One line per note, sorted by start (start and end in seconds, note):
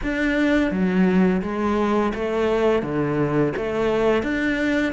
0.03 0.71 D4
0.71 1.41 F#3
1.42 2.12 G#3
2.14 2.82 A3
2.82 3.53 D3
3.56 4.23 A3
4.23 4.92 D4